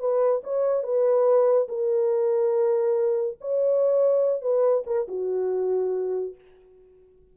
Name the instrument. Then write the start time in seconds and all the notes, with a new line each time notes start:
horn
0.00 B4
0.44 C#5
0.84 B4
1.69 A#4
3.41 C#5
4.42 B4
4.87 A#4
5.09 F#4